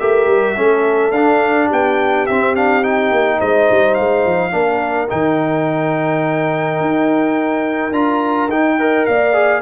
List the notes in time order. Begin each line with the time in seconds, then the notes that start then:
0.00 A3 G4 A#4 E5
0.27 G3
0.56 A3 C#4 A4
1.11 D4 F5
1.67 B3 G4 G5
2.27 C4 E5
2.56 D4 F5
2.83 D#4 G5
3.12 A#3
3.39 G#3 C5 D#5
3.71 G3
3.95 G#3 F5
4.26 F3
4.51 A#3 D4 A#4
5.09 D#3 D#4 G5
6.81 D#4
7.92 D4 F4 A#5
8.49 D#4 G5
8.80 A#4 D#5
9.06 A#3 D5 F5
9.33 G#4